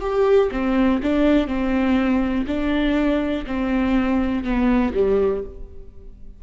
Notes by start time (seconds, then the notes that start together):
0.00 G4
0.51 C4
1.02 D4
1.47 C4
2.47 D4
3.46 C4
4.44 B3
4.94 G3